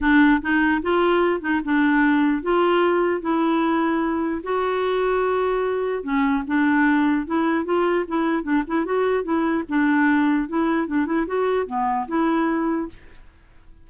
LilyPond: \new Staff \with { instrumentName = "clarinet" } { \time 4/4 \tempo 4 = 149 d'4 dis'4 f'4. dis'8 | d'2 f'2 | e'2. fis'4~ | fis'2. cis'4 |
d'2 e'4 f'4 | e'4 d'8 e'8 fis'4 e'4 | d'2 e'4 d'8 e'8 | fis'4 b4 e'2 | }